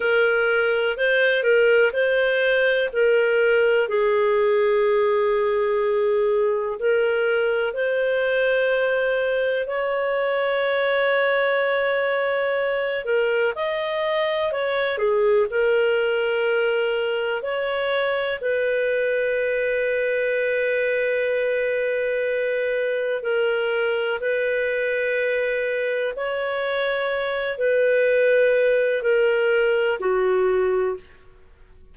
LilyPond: \new Staff \with { instrumentName = "clarinet" } { \time 4/4 \tempo 4 = 62 ais'4 c''8 ais'8 c''4 ais'4 | gis'2. ais'4 | c''2 cis''2~ | cis''4. ais'8 dis''4 cis''8 gis'8 |
ais'2 cis''4 b'4~ | b'1 | ais'4 b'2 cis''4~ | cis''8 b'4. ais'4 fis'4 | }